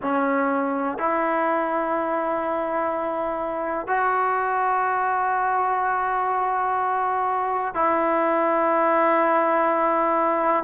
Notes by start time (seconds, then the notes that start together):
0.02 C#4
0.98 E4
3.87 F#4
7.74 E4